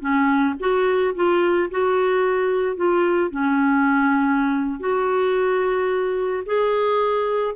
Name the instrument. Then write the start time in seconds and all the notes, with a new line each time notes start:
clarinet
0.00 C#4
0.60 F#4
1.15 F4
1.71 F#4
2.76 F4
3.30 C#4
4.80 F#4
6.46 G#4